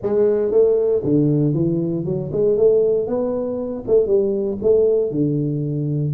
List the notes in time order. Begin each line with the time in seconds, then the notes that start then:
0.02 G#3
0.51 A3
1.03 D3
1.54 E3
2.05 F#3
2.32 G#3
2.57 A3
3.07 B3
3.87 A3
4.07 G3
4.62 A3
5.11 D3